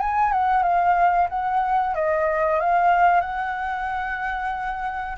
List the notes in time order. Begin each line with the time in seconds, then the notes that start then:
0.00 G#5
0.32 F#5
0.63 F5
1.29 F#5
1.94 D#5
2.60 F5
3.21 F#5